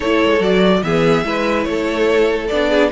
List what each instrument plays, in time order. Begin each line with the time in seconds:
0.00 cello A3, viola E4, violin A4 C#5
0.24 cello G#3
0.40 cello F#3, viola F#4, violin D5
0.82 cello E3, viola B3, violin G#4 E5
1.24 cello G#3, viola E4, violin B4
1.63 cello A3, violin C#5
1.70 violin A4
2.47 cello B3, viola D4, violin D5
2.69 violin G#4